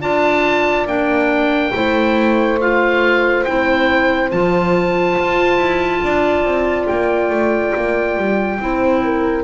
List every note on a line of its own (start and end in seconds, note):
0.00 0.86 D4
0.00 0.87 F4
0.00 1.71 D5
0.00 0.87 A5
0.86 1.71 A#3
0.86 1.72 D4
0.86 2.59 G5
1.73 3.46 A3
1.73 2.58 E4
1.73 6.03 C5
2.60 3.46 F4
2.60 3.44 F5
3.44 4.32 C4
3.44 4.31 E4
3.44 4.30 G5
4.31 5.18 F3
4.31 8.59 F4
4.31 6.87 A5
5.18 5.57 F4
5.57 6.00 E4
6.03 6.44 D4
6.03 8.61 D5
6.44 6.86 C4
6.87 7.30 A#3
6.87 9.43 G5
7.30 7.72 A3
7.75 8.16 A#3
8.16 8.59 G3
8.59 9.43 C4
8.59 9.43 E4
8.59 9.04 C5
9.04 9.43 A#4